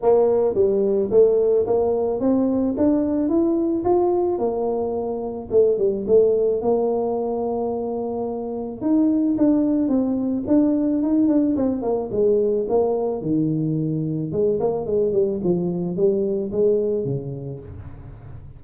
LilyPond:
\new Staff \with { instrumentName = "tuba" } { \time 4/4 \tempo 4 = 109 ais4 g4 a4 ais4 | c'4 d'4 e'4 f'4 | ais2 a8 g8 a4 | ais1 |
dis'4 d'4 c'4 d'4 | dis'8 d'8 c'8 ais8 gis4 ais4 | dis2 gis8 ais8 gis8 g8 | f4 g4 gis4 cis4 | }